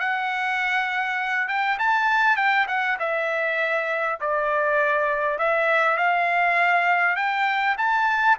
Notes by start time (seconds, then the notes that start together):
0.00 F#5
1.48 G5
1.79 A5
2.37 G5
2.68 F#5
2.99 E5
4.21 D5
5.39 E5
5.97 F5
7.16 G5
7.78 A5